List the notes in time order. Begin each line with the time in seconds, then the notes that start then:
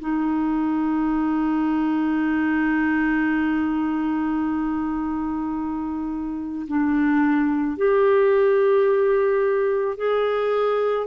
0.00 D#4
6.68 D4
7.77 G4
9.97 G#4